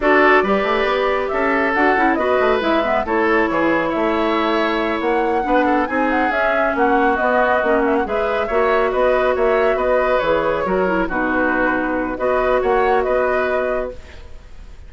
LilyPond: <<
  \new Staff \with { instrumentName = "flute" } { \time 4/4 \tempo 4 = 138 d''2. e''4 | fis''4 dis''4 e''4 cis''4~ | cis''4 e''2~ e''8 fis''8~ | fis''4. gis''8 fis''8 e''4 fis''8~ |
fis''8 dis''4. e''16 fis''16 e''4.~ | e''8 dis''4 e''4 dis''4 cis''8~ | cis''4. b'2~ b'8 | dis''4 fis''4 dis''2 | }
  \new Staff \with { instrumentName = "oboe" } { \time 4/4 a'4 b'2 a'4~ | a'4 b'2 a'4 | gis'4 cis''2.~ | cis''8 b'8 a'8 gis'2 fis'8~ |
fis'2~ fis'8 b'4 cis''8~ | cis''8 b'4 cis''4 b'4.~ | b'8 ais'4 fis'2~ fis'8 | b'4 cis''4 b'2 | }
  \new Staff \with { instrumentName = "clarinet" } { \time 4/4 fis'4 g'2. | fis'8 e'8 fis'4 e'8 b8 e'4~ | e'1~ | e'8 d'4 dis'4 cis'4.~ |
cis'8 b4 cis'4 gis'4 fis'8~ | fis'2.~ fis'8 gis'8~ | gis'8 fis'8 e'8 dis'2~ dis'8 | fis'1 | }
  \new Staff \with { instrumentName = "bassoon" } { \time 4/4 d'4 g8 a8 b4 cis'4 | d'8 cis'8 b8 a8 gis4 a4 | e4 a2~ a8 ais8~ | ais8 b4 c'4 cis'4 ais8~ |
ais8 b4 ais4 gis4 ais8~ | ais8 b4 ais4 b4 e8~ | e8 fis4 b,2~ b,8 | b4 ais4 b2 | }
>>